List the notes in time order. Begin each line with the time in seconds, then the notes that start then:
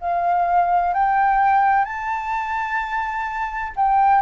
0.00 F5
0.93 G5
1.85 A5
3.75 G5